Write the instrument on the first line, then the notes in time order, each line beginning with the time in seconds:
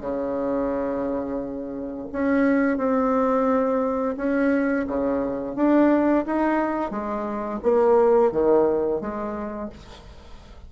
bassoon
0.00 C#3
2.12 C#4
2.77 C4
4.17 C#4
4.87 C#3
5.55 D4
6.26 D#4
6.90 G#3
7.62 A#3
8.31 D#3
9.00 G#3